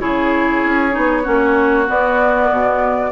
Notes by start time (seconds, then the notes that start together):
0.00 C#3 E4 G#4 C#5
0.64 C#4
0.91 B3 D#4
1.23 A#3 C#4 F#4
1.87 B3 D5
2.51 B2